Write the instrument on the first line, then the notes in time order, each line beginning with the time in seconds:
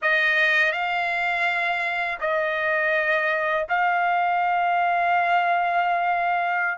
trumpet
0.02 D#5
0.72 F5
2.20 D#5
3.69 F5